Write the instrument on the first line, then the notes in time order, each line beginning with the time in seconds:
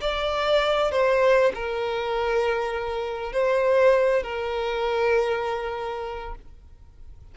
violin
0.00 D5
0.91 C5
1.54 A#4
3.32 C5
4.23 A#4